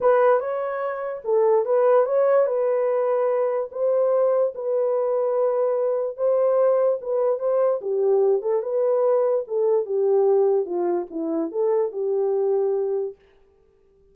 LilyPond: \new Staff \with { instrumentName = "horn" } { \time 4/4 \tempo 4 = 146 b'4 cis''2 a'4 | b'4 cis''4 b'2~ | b'4 c''2 b'4~ | b'2. c''4~ |
c''4 b'4 c''4 g'4~ | g'8 a'8 b'2 a'4 | g'2 f'4 e'4 | a'4 g'2. | }